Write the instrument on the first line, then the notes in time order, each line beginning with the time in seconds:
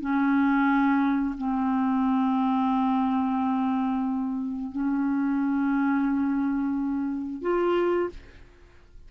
clarinet
0.00 C#4
1.37 C4
4.71 C#4
7.41 F4